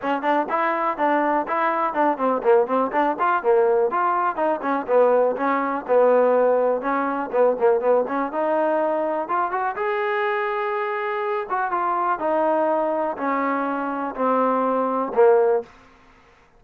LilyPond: \new Staff \with { instrumentName = "trombone" } { \time 4/4 \tempo 4 = 123 cis'8 d'8 e'4 d'4 e'4 | d'8 c'8 ais8 c'8 d'8 f'8 ais4 | f'4 dis'8 cis'8 b4 cis'4 | b2 cis'4 b8 ais8 |
b8 cis'8 dis'2 f'8 fis'8 | gis'2.~ gis'8 fis'8 | f'4 dis'2 cis'4~ | cis'4 c'2 ais4 | }